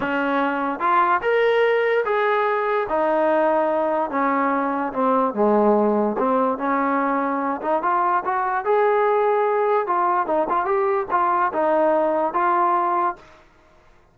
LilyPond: \new Staff \with { instrumentName = "trombone" } { \time 4/4 \tempo 4 = 146 cis'2 f'4 ais'4~ | ais'4 gis'2 dis'4~ | dis'2 cis'2 | c'4 gis2 c'4 |
cis'2~ cis'8 dis'8 f'4 | fis'4 gis'2. | f'4 dis'8 f'8 g'4 f'4 | dis'2 f'2 | }